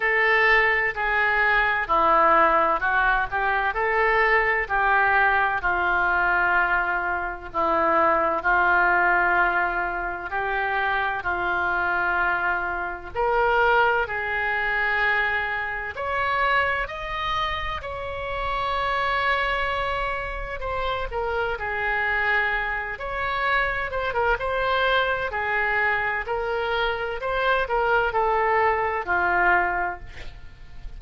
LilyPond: \new Staff \with { instrumentName = "oboe" } { \time 4/4 \tempo 4 = 64 a'4 gis'4 e'4 fis'8 g'8 | a'4 g'4 f'2 | e'4 f'2 g'4 | f'2 ais'4 gis'4~ |
gis'4 cis''4 dis''4 cis''4~ | cis''2 c''8 ais'8 gis'4~ | gis'8 cis''4 c''16 ais'16 c''4 gis'4 | ais'4 c''8 ais'8 a'4 f'4 | }